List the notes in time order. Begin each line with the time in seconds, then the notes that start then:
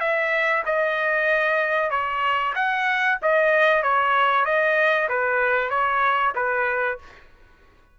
0.00 E5
0.66 D#5
1.91 C#5
2.56 F#5
3.22 D#5
3.83 C#5
4.45 D#5
5.09 B4
5.70 C#5
6.35 B4